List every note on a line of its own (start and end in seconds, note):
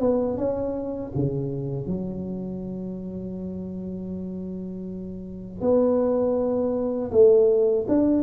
0.00 0.37 B3
0.37 1.12 C#4
1.15 1.86 C#3
1.86 5.60 F#3
5.60 7.10 B3
7.11 7.86 A3
7.88 8.22 D4